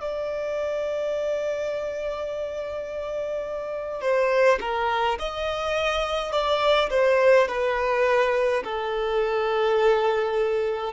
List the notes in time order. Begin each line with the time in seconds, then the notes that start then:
0.00 D5
4.01 C5
4.60 A#4
5.19 D#5
6.32 D5
6.90 C5
7.48 B4
8.64 A4